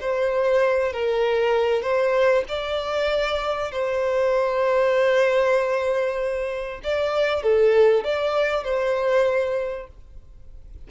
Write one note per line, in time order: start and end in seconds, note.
0.00 0.92 C5
0.92 1.82 A#4
1.82 2.44 C5
2.48 3.71 D5
3.71 6.80 C5
6.83 7.43 D5
7.43 8.04 A4
8.04 8.64 D5
8.64 9.87 C5